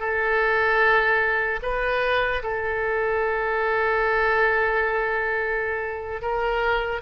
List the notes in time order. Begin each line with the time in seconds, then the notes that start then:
0.00 A4
1.63 B4
2.43 A4
6.22 A#4